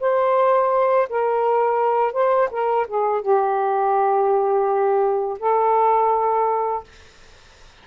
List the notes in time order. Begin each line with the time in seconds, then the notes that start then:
0.00 C5
1.09 A#4
2.13 C5
2.51 A#4
2.88 G#4
3.22 G4
5.39 A4